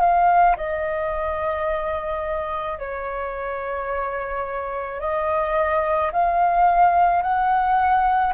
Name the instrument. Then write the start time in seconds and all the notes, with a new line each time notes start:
flute
0.00 F5
0.57 D#5
2.78 C#5
5.00 D#5
6.12 F5
7.22 F#5